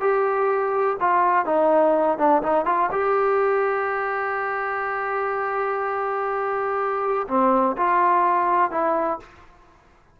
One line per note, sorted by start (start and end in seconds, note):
0.00 0.97 G4
1.00 1.46 F4
1.46 2.18 D#4
2.18 2.42 D4
2.43 2.65 D#4
2.65 2.90 F4
2.91 7.27 G4
7.28 7.76 C4
7.77 8.71 F4
8.71 9.19 E4